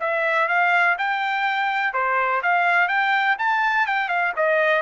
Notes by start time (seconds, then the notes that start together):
0.00 E5
0.48 F5
0.98 G5
1.93 C5
2.42 F5
2.88 G5
3.38 A5
3.86 G5
4.08 F5
4.36 D#5